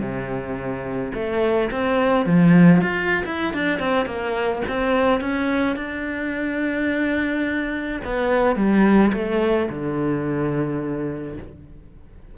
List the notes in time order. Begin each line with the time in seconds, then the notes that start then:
0.00 C3
1.14 A3
1.71 C4
2.26 F3
2.82 F4
3.25 E4
3.54 D4
3.79 C4
4.06 A#3
4.68 C4
5.20 C#4
5.76 D4
8.04 B3
8.56 G3
9.13 A3
9.69 D3